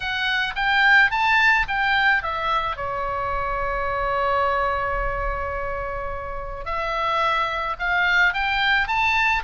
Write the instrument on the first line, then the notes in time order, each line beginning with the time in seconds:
oboe
0.00 F#5
0.55 G5
1.10 A5
1.67 G5
2.22 E5
2.76 C#5
6.65 E5
7.79 F5
8.33 G5
8.87 A5